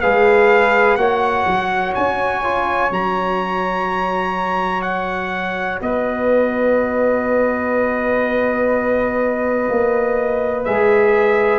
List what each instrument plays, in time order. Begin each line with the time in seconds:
0.00 tuba G#3, trombone G#4, flute B4, trumpet F5
0.96 tuba A#3, trombone F#4, flute C#5, trumpet F#5
1.46 tuba F#3
1.94 tuba C#4, trumpet G#5
2.43 trombone F4
2.90 tuba F#3, trombone F#4, trumpet A#5
4.82 trumpet F#5
5.81 tuba B3, flute B4, trumpet D#5
9.69 tuba A#3
10.64 tuba G#3, trombone G#4, trumpet E5